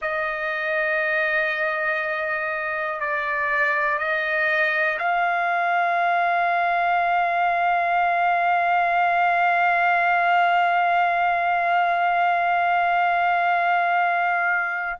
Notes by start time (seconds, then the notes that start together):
0.01 D#5
3.00 D5
3.98 D#5
4.99 F5